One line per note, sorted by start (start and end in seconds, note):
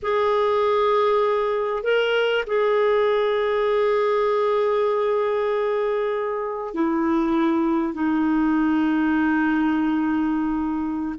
0.02 1.83 G#4
1.83 2.44 A#4
2.46 6.74 G#4
6.74 7.93 E4
7.93 11.15 D#4